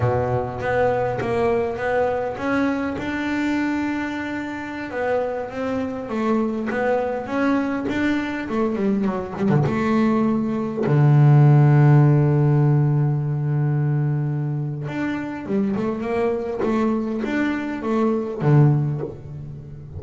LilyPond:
\new Staff \with { instrumentName = "double bass" } { \time 4/4 \tempo 4 = 101 b,4 b4 ais4 b4 | cis'4 d'2.~ | d'16 b4 c'4 a4 b8.~ | b16 cis'4 d'4 a8 g8 fis8 g16 |
d16 a2 d4.~ d16~ | d1~ | d4 d'4 g8 a8 ais4 | a4 d'4 a4 d4 | }